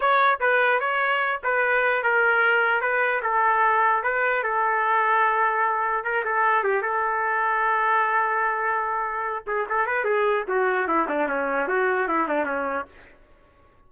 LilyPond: \new Staff \with { instrumentName = "trumpet" } { \time 4/4 \tempo 4 = 149 cis''4 b'4 cis''4. b'8~ | b'4 ais'2 b'4 | a'2 b'4 a'4~ | a'2. ais'8 a'8~ |
a'8 g'8 a'2.~ | a'2.~ a'8 gis'8 | a'8 b'8 gis'4 fis'4 e'8 d'8 | cis'4 fis'4 e'8 d'8 cis'4 | }